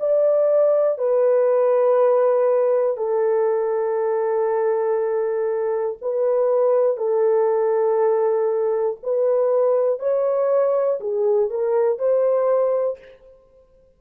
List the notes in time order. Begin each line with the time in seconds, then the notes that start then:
0.00 D5
0.99 B4
2.97 A4
6.02 B4
6.97 A4
9.03 B4
10.00 C#5
11.00 G#4
11.50 A#4
11.99 C5